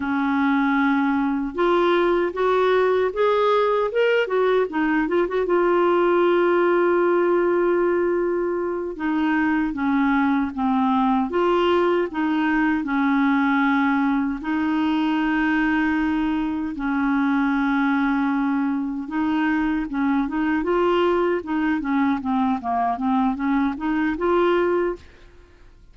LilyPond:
\new Staff \with { instrumentName = "clarinet" } { \time 4/4 \tempo 4 = 77 cis'2 f'4 fis'4 | gis'4 ais'8 fis'8 dis'8 f'16 fis'16 f'4~ | f'2.~ f'8 dis'8~ | dis'8 cis'4 c'4 f'4 dis'8~ |
dis'8 cis'2 dis'4.~ | dis'4. cis'2~ cis'8~ | cis'8 dis'4 cis'8 dis'8 f'4 dis'8 | cis'8 c'8 ais8 c'8 cis'8 dis'8 f'4 | }